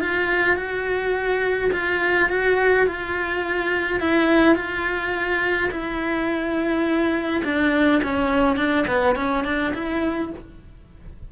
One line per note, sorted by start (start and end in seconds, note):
0.00 0.56 F4
0.56 1.70 F#4
1.72 2.29 F4
2.29 2.86 F#4
2.86 4.00 F4
4.00 4.55 E4
4.55 5.70 F4
5.71 7.42 E4
7.44 8.01 D4
8.03 8.56 C#4
8.56 8.85 D4
8.87 9.15 B3
9.15 9.44 C#4
9.44 9.73 D4
9.74 10.31 E4